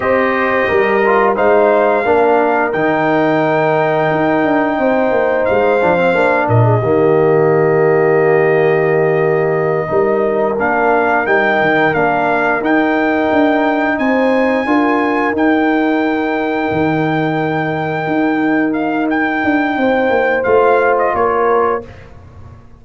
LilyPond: <<
  \new Staff \with { instrumentName = "trumpet" } { \time 4/4 \tempo 4 = 88 dis''2 f''2 | g''1 | f''4. dis''2~ dis''8~ | dis''2.~ dis''8 f''8~ |
f''8 g''4 f''4 g''4.~ | g''8 gis''2 g''4.~ | g''2.~ g''8 f''8 | g''2 f''8. dis''16 cis''4 | }
  \new Staff \with { instrumentName = "horn" } { \time 4/4 c''4 ais'4 c''4 ais'4~ | ais'2. c''4~ | c''4. ais'16 gis'16 g'2~ | g'2~ g'8 ais'4.~ |
ais'1~ | ais'8 c''4 ais'2~ ais'8~ | ais'1~ | ais'4 c''2 ais'4 | }
  \new Staff \with { instrumentName = "trombone" } { \time 4/4 g'4. f'8 dis'4 d'4 | dis'1~ | dis'8 d'16 c'16 d'4 ais2~ | ais2~ ais8 dis'4 d'8~ |
d'8 dis'4 d'4 dis'4.~ | dis'4. f'4 dis'4.~ | dis'1~ | dis'2 f'2 | }
  \new Staff \with { instrumentName = "tuba" } { \time 4/4 c'4 g4 gis4 ais4 | dis2 dis'8 d'8 c'8 ais8 | gis8 f8 ais8 ais,8 dis2~ | dis2~ dis8 g4 ais8~ |
ais8 g8 dis8 ais4 dis'4 d'8~ | d'8 c'4 d'4 dis'4.~ | dis'8 dis2 dis'4.~ | dis'8 d'8 c'8 ais8 a4 ais4 | }
>>